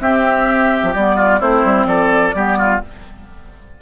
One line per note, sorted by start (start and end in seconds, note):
0.00 0.82 C4
0.00 0.94 C4
0.00 1.16 G4
0.00 0.95 E5
0.83 0.95 F3
0.95 1.41 G3
0.95 1.40 B3
0.95 1.42 D5
1.16 1.40 F4
1.40 1.65 A3
1.40 2.34 C4
1.40 1.87 E4
1.40 1.88 C5
1.65 1.86 G3
1.86 2.32 F3
1.86 2.35 A4
1.86 2.81 D5
2.35 2.82 G3
2.35 2.82 B3
2.35 2.58 G4
2.58 2.81 F4